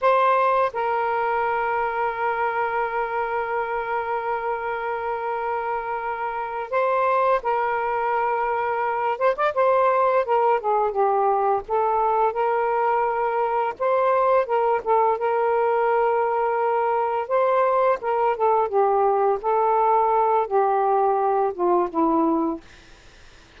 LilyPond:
\new Staff \with { instrumentName = "saxophone" } { \time 4/4 \tempo 4 = 85 c''4 ais'2.~ | ais'1~ | ais'4. c''4 ais'4.~ | ais'4 c''16 d''16 c''4 ais'8 gis'8 g'8~ |
g'8 a'4 ais'2 c''8~ | c''8 ais'8 a'8 ais'2~ ais'8~ | ais'8 c''4 ais'8 a'8 g'4 a'8~ | a'4 g'4. f'8 e'4 | }